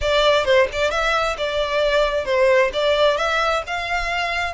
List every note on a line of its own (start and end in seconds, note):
0.01 0.44 D5
0.44 0.67 C5
0.72 0.90 D5
0.90 1.36 E5
1.37 2.25 D5
2.25 2.70 C5
2.73 3.17 D5
3.17 3.62 E5
3.67 4.54 F5